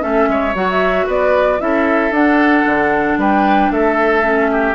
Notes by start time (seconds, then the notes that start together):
0.00 A3 C#4 A4 E5
0.28 G#3 C#5
0.54 F#3 F#4 F#5
0.69 E5
1.06 B3 B4 D5
1.59 C#4 E4 A4 E5
2.11 D4 F#5
2.65 D3
3.17 G3 B4 G5
3.71 A3 A4 E5
4.23 C#4
4.51 G4